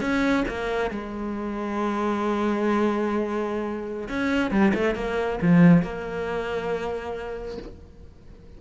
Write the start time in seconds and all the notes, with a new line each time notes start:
0.00 C#4
0.48 A#3
0.90 G#3
4.08 C#4
4.50 G3
4.74 A3
4.95 A#3
5.41 F3
5.82 A#3